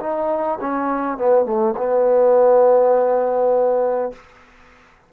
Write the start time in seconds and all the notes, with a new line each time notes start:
0.00 D#4
0.61 C#4
1.18 B3
1.45 A3
1.77 B3